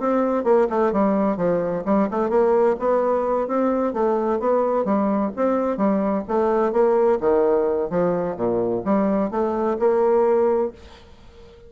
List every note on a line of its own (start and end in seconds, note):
0.00 0.45 C4
0.45 0.68 A#3
0.70 0.93 A3
0.93 1.37 G3
1.37 1.84 F3
1.86 2.09 G3
2.11 2.30 A3
2.30 2.76 A#3
2.80 3.48 B3
3.48 3.94 C4
3.94 4.40 A3
4.40 4.85 B3
4.85 5.32 G3
5.36 5.77 C4
5.77 6.24 G3
6.28 6.73 A3
6.73 7.19 A#3
7.21 7.90 D#3
7.90 8.37 F3
8.37 8.83 A#2
8.85 9.31 G3
9.31 9.78 A3
9.79 10.73 A#3